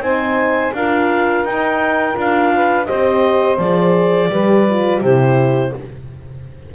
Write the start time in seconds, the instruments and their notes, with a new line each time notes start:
0.00 double bass C4, horn D#4, saxophone C5, clarinet G#5
0.73 double bass D4, horn F4, saxophone A#4, clarinet F5
1.44 double bass D#4, horn D#4, clarinet G5
2.13 double bass D4, horn F4
2.20 clarinet F5
2.54 saxophone B4
2.85 double bass C4, horn G4, saxophone C5, clarinet D#5
3.58 double bass F3, horn G#4, clarinet D5
4.30 double bass G3, horn G4, saxophone B4
4.70 horn F4
5.01 double bass C3, horn E4, saxophone G4, clarinet C5